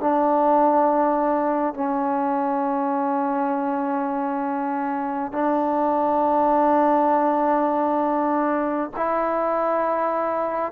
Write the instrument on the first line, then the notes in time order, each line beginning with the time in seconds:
trombone
0.00 D4
1.74 C#4
5.32 D4
8.96 E4